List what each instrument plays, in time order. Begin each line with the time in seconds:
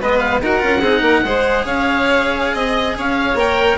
0.00 bassoon G#3, cello B3, violin B4, oboe D#5
0.19 oboe F5
0.42 bassoon D#4, cello F#4, violin A#4, oboe F#5
0.59 bassoon C#4, cello F4
0.82 bassoon C4, cello D#4, violin G#4
1.02 bassoon A#3, violin A#4
1.25 bassoon G#3, cello G#4, violin C5
1.65 bassoon C#4, violin C#5, oboe F5
2.54 bassoon C4, violin D#5, oboe D#5
2.98 bassoon C#4, violin C#5, oboe F5
3.35 bassoon A#3, cello A#4, oboe G5